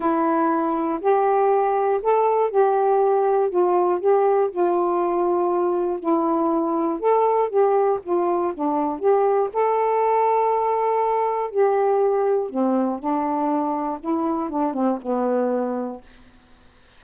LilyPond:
\new Staff \with { instrumentName = "saxophone" } { \time 4/4 \tempo 4 = 120 e'2 g'2 | a'4 g'2 f'4 | g'4 f'2. | e'2 a'4 g'4 |
f'4 d'4 g'4 a'4~ | a'2. g'4~ | g'4 c'4 d'2 | e'4 d'8 c'8 b2 | }